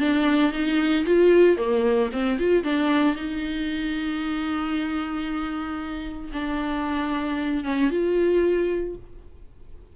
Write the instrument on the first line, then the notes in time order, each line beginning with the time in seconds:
viola
0.00 D4
0.53 D#4
1.06 F4
1.58 A#3
2.13 C4
2.39 F4
2.64 D4
3.16 D#4
6.33 D4
7.64 C#4
7.91 F4